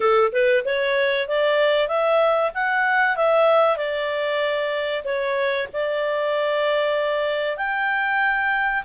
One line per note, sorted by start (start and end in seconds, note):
0.00 0.31 A4
0.32 0.64 B4
0.65 1.28 C#5
1.28 1.88 D5
1.88 2.51 E5
2.54 3.16 F#5
3.16 3.77 E5
3.77 5.03 D5
5.04 5.67 C#5
5.73 7.57 D5
7.57 8.83 G5